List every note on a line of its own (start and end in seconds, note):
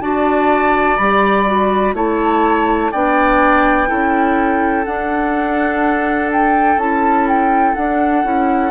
0.00 0.97 D4
0.00 0.98 F#4
0.00 1.95 D5
0.00 0.97 A5
0.97 1.94 G3
0.97 1.46 G4
0.97 1.94 B5
1.46 1.95 F#4
1.94 2.91 A3
1.94 2.92 E4
1.94 2.92 C#5
1.94 2.92 A5
2.92 3.90 B3
2.92 3.87 D4
2.92 3.89 D5
2.92 4.85 G5
3.87 4.86 C#4
3.87 4.84 E4
3.87 8.71 A4
4.85 6.77 D4
4.85 6.79 D4
4.85 6.30 F#5
6.33 6.79 G5
6.77 7.73 C#4
6.77 7.76 E4
6.77 7.27 A5
7.28 7.75 G5
7.75 8.24 D4
7.75 8.71 F#5
8.24 8.71 C#4
8.24 8.71 E4